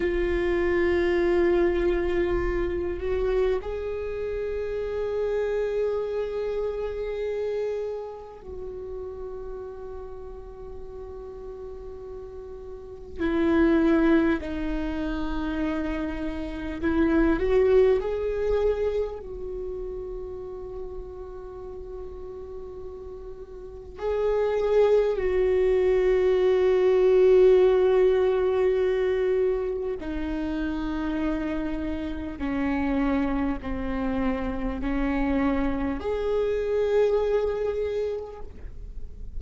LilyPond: \new Staff \with { instrumentName = "viola" } { \time 4/4 \tempo 4 = 50 f'2~ f'8 fis'8 gis'4~ | gis'2. fis'4~ | fis'2. e'4 | dis'2 e'8 fis'8 gis'4 |
fis'1 | gis'4 fis'2.~ | fis'4 dis'2 cis'4 | c'4 cis'4 gis'2 | }